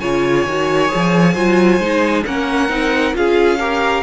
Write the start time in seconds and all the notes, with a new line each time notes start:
0.00 C#3 F4 C#5 G#5
0.47 D#3 F#4
0.89 G#4
0.95 F3
1.34 F#3 F4 C5
1.80 G#3 D#4
2.26 A#3 C#4 A#4 F#5
2.69 C4 D#4
3.13 C#4 F4 G#4 F5
3.60 G4 A#4